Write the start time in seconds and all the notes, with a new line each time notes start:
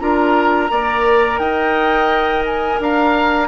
0.00 D4 F4 A#4 A#5
0.70 A#3 A#4 D5
1.39 D#4 D#5 G5
2.46 G#5
2.80 D4 F5 A#5